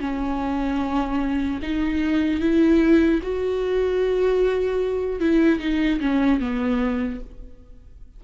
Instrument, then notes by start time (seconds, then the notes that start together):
viola
0.00 C#4
1.63 D#4
2.40 E4
3.23 F#4
5.20 E4
5.60 D#4
6.00 C#4
6.40 B3